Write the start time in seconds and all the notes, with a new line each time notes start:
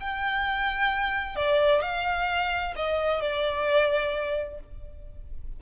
0.00 G5
1.36 D5
1.82 F5
2.76 D#5
3.21 D5